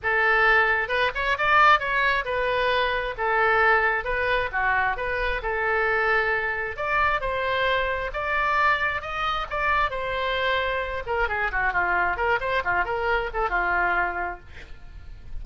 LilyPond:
\new Staff \with { instrumentName = "oboe" } { \time 4/4 \tempo 4 = 133 a'2 b'8 cis''8 d''4 | cis''4 b'2 a'4~ | a'4 b'4 fis'4 b'4 | a'2. d''4 |
c''2 d''2 | dis''4 d''4 c''2~ | c''8 ais'8 gis'8 fis'8 f'4 ais'8 c''8 | f'8 ais'4 a'8 f'2 | }